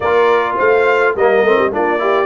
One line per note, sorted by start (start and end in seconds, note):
0.00 0.57 A#3
0.00 1.17 F4
0.00 0.55 A#4
0.00 0.56 D5
0.55 1.15 A3
0.55 1.12 C5
0.55 1.15 F5
1.14 1.42 G3
1.14 1.46 A#3
1.14 1.71 A#4
1.14 1.73 D#5
1.42 1.57 A3
1.42 1.72 C4
1.58 1.71 G3
1.71 2.25 A#3
1.71 1.98 D4
1.71 2.01 F4
1.71 2.25 D5
1.98 2.25 E4
1.98 2.25 G4